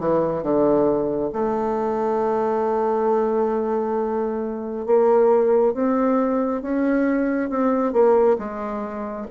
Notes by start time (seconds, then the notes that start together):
0.00 E3
0.43 D3
1.33 A3
4.86 A#3
5.74 C4
6.62 C#4
7.50 C4
7.93 A#3
8.39 G#3